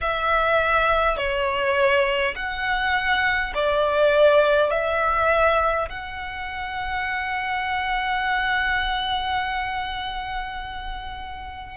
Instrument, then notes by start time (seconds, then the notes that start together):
violin
0.01 E5
1.17 C#5
2.35 F#5
3.54 D5
4.71 E5
5.89 F#5